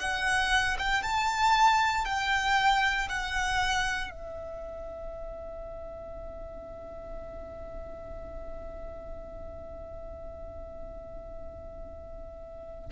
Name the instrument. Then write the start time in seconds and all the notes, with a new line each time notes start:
violin
0.00 F#5
0.79 G5
1.03 A5
2.05 G5
3.09 F#5
4.11 E5